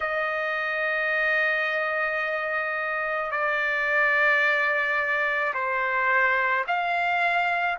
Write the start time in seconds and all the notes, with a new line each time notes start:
0.00 D#5
3.31 D5
5.54 C5
6.67 F5